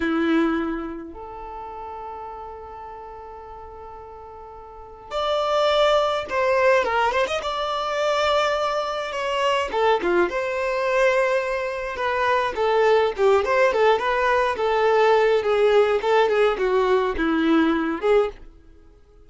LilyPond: \new Staff \with { instrumentName = "violin" } { \time 4/4 \tempo 4 = 105 e'2 a'2~ | a'1~ | a'4 d''2 c''4 | ais'8 c''16 dis''16 d''2. |
cis''4 a'8 f'8 c''2~ | c''4 b'4 a'4 g'8 c''8 | a'8 b'4 a'4. gis'4 | a'8 gis'8 fis'4 e'4. gis'8 | }